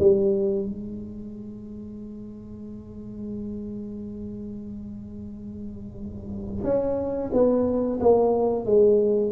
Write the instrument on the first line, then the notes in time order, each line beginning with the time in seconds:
tuba
0.00 G3
0.66 G#3
6.64 C#4
7.33 B3
8.00 A#3
8.66 G#3